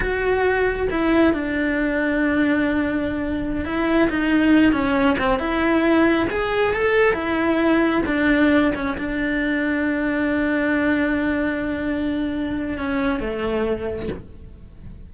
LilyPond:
\new Staff \with { instrumentName = "cello" } { \time 4/4 \tempo 4 = 136 fis'2 e'4 d'4~ | d'1~ | d'16 e'4 dis'4. cis'4 c'16~ | c'16 e'2 gis'4 a'8.~ |
a'16 e'2 d'4. cis'16~ | cis'16 d'2.~ d'8.~ | d'1~ | d'4 cis'4 a2 | }